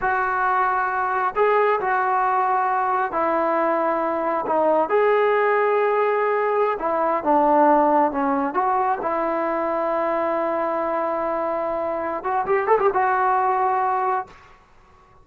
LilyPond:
\new Staff \with { instrumentName = "trombone" } { \time 4/4 \tempo 4 = 135 fis'2. gis'4 | fis'2. e'4~ | e'2 dis'4 gis'4~ | gis'2.~ gis'16 e'8.~ |
e'16 d'2 cis'4 fis'8.~ | fis'16 e'2.~ e'8.~ | e'2.~ e'8 fis'8 | g'8 a'16 g'16 fis'2. | }